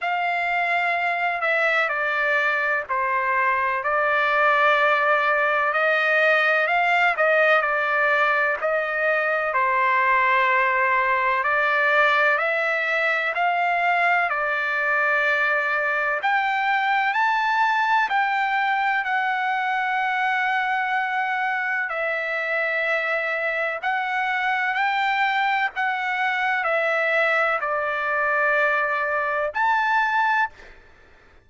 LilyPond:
\new Staff \with { instrumentName = "trumpet" } { \time 4/4 \tempo 4 = 63 f''4. e''8 d''4 c''4 | d''2 dis''4 f''8 dis''8 | d''4 dis''4 c''2 | d''4 e''4 f''4 d''4~ |
d''4 g''4 a''4 g''4 | fis''2. e''4~ | e''4 fis''4 g''4 fis''4 | e''4 d''2 a''4 | }